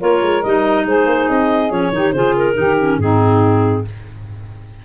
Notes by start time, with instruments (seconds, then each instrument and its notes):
0.00 tuba A#3, clarinet F4 C#5, saxophone A#4
0.22 tuba G#3
0.43 tuba G3, clarinet D#4 D#5
0.86 tuba G#3, saxophone G#4, clarinet C5
1.06 tuba A#3
1.29 tuba C4, clarinet D#5
1.70 tuba F3, clarinet C#4 C#5
1.93 tuba D#3, clarinet D#4, saxophone G4
2.13 tuba C#3, clarinet F4 C5, saxophone G#4
2.37 clarinet A#4
2.54 tuba D#3, clarinet D#4, saxophone G4
2.81 clarinet C#4
2.98 tuba G#2, clarinet C4 G#4, saxophone D#4